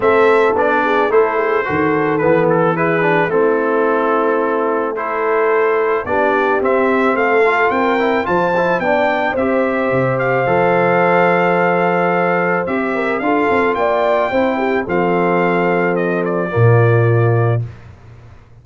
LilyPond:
<<
  \new Staff \with { instrumentName = "trumpet" } { \time 4/4 \tempo 4 = 109 e''4 d''4 c''2 | b'8 a'8 b'4 a'2~ | a'4 c''2 d''4 | e''4 f''4 g''4 a''4 |
g''4 e''4. f''4.~ | f''2. e''4 | f''4 g''2 f''4~ | f''4 dis''8 d''2~ d''8 | }
  \new Staff \with { instrumentName = "horn" } { \time 4/4 a'4. gis'8 a'8 gis'8 a'4~ | a'4 gis'4 e'2~ | e'4 a'2 g'4~ | g'4 a'4 ais'4 c''4 |
d''4 c''2.~ | c''2.~ c''8 ais'8 | a'4 d''4 c''8 g'8 a'4~ | a'2 f'2 | }
  \new Staff \with { instrumentName = "trombone" } { \time 4/4 c'4 d'4 e'4 fis'4 | b4 e'8 d'8 c'2~ | c'4 e'2 d'4 | c'4. f'4 e'8 f'8 e'8 |
d'4 g'2 a'4~ | a'2. g'4 | f'2 e'4 c'4~ | c'2 ais2 | }
  \new Staff \with { instrumentName = "tuba" } { \time 4/4 a4 b4 a4 dis4 | e2 a2~ | a2. b4 | c'4 a4 c'4 f4 |
b4 c'4 c4 f4~ | f2. c'4 | d'8 c'8 ais4 c'4 f4~ | f2 ais,2 | }
>>